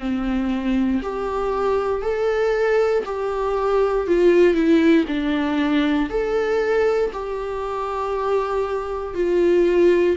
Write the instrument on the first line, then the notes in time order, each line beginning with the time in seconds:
viola
0.00 C4
1.03 G4
2.02 A4
3.06 G4
4.07 F4
4.54 E4
5.08 D4
6.10 A4
7.13 G4
9.14 F4